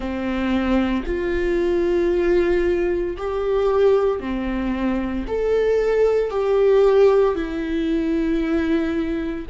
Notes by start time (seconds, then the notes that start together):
0.00 C4
1.06 F4
3.17 G4
4.20 C4
5.27 A4
6.30 G4
7.35 E4